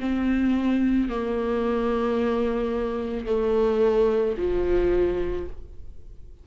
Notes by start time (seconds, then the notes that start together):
0.00 C4
1.09 A#3
3.26 A3
4.38 F3